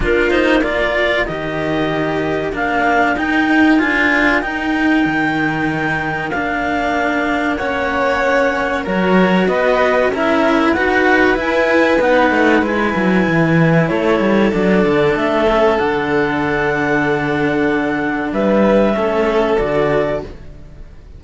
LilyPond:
<<
  \new Staff \with { instrumentName = "clarinet" } { \time 4/4 \tempo 4 = 95 ais'8 c''8 d''4 dis''2 | f''4 g''4 gis''4 g''4~ | g''2 f''2 | fis''2 cis''4 dis''4 |
e''4 fis''4 gis''4 fis''4 | gis''2 cis''4 d''4 | e''4 fis''2.~ | fis''4 e''2 d''4 | }
  \new Staff \with { instrumentName = "violin" } { \time 4/4 f'4 ais'2.~ | ais'1~ | ais'1 | cis''2 ais'4 b'4 |
ais'4 b'2.~ | b'2 a'2~ | a'1~ | a'4 b'4 a'2 | }
  \new Staff \with { instrumentName = "cello" } { \time 4/4 d'8 dis'8 f'4 g'2 | d'4 dis'4 f'4 dis'4~ | dis'2 d'2 | cis'2 fis'2 |
e'4 fis'4 e'4 dis'4 | e'2. d'4~ | d'8 cis'8 d'2.~ | d'2 cis'4 fis'4 | }
  \new Staff \with { instrumentName = "cello" } { \time 4/4 ais2 dis2 | ais4 dis'4 d'4 dis'4 | dis2 ais2~ | ais2 fis4 b4 |
cis'4 dis'4 e'4 b8 a8 | gis8 fis8 e4 a8 g8 fis8 d8 | a4 d2.~ | d4 g4 a4 d4 | }
>>